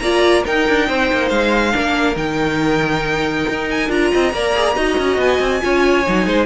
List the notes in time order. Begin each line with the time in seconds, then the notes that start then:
0.00 A#3 F4 D5 A#5
0.44 D#4 A#4 G5
0.69 D4
0.88 C4 C5
1.13 A#3
1.29 G#3 F5
1.72 A#3 D4 A#4
2.16 D#3 D#4 G5
3.50 D#4
3.71 G#5
3.89 D4 F4 A#5
4.12 C4 D#5
4.33 A#3 A#4 D5
4.55 G#4
4.76 D#4 F#4 D#5
4.98 C#4
5.18 B3 G#5
5.40 C4
5.62 C#4 F4 C#5
6.07 F#3 D#4
6.27 G#3 C5